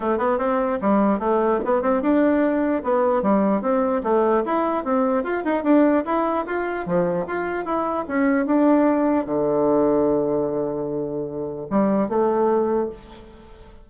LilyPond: \new Staff \with { instrumentName = "bassoon" } { \time 4/4 \tempo 4 = 149 a8 b8 c'4 g4 a4 | b8 c'8 d'2 b4 | g4 c'4 a4 e'4 | c'4 f'8 dis'8 d'4 e'4 |
f'4 f4 f'4 e'4 | cis'4 d'2 d4~ | d1~ | d4 g4 a2 | }